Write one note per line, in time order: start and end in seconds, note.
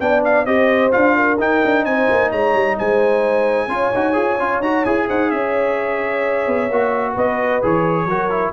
0.00 0.46 B3
0.00 0.46 D4
0.00 0.47 D5
0.00 0.23 G5
0.24 0.45 F5
0.45 0.92 C4
0.45 0.91 G4
0.45 1.16 C5
0.45 0.91 D#5
0.91 1.39 D4
0.91 1.38 F4
0.91 1.38 F5
1.16 1.85 A#4
1.39 1.62 D#4
1.39 3.69 D#4
1.39 1.85 G5
1.64 1.85 D4
1.85 2.08 C4
1.85 2.30 C5
1.85 2.31 G#5
2.10 2.32 A#3
2.30 2.54 G#3
2.30 2.76 C#5
2.30 2.78 A#5
2.54 2.77 G3
2.78 3.67 G#3
2.78 3.68 C5
2.78 4.62 G#5
3.67 3.90 C#4
3.67 3.92 F4
3.67 5.06 C#5
3.94 4.16 D#4
3.94 4.13 F#4
4.13 4.39 F4
4.13 4.36 G#4
4.39 4.59 C#4
4.39 4.62 F4
4.59 4.82 D#4
4.59 4.85 F#4
4.59 4.84 A#5
4.84 5.08 E4
4.84 6.70 G#4
4.84 5.07 G#5
5.07 5.32 D#4
5.07 5.30 C5
5.07 5.30 F#5
5.30 6.47 C#4
5.30 7.13 C#5
5.30 7.15 E5
6.47 6.70 B3
6.70 7.16 A#3
6.70 7.62 F#4
7.13 7.63 B3
7.13 8.05 B4
7.13 7.63 D#5
7.62 8.05 E3
7.62 8.08 G#4
7.62 8.53 C#5
8.05 8.52 F#3
8.05 8.30 F#4
8.05 8.53 A#4
8.30 8.53 E4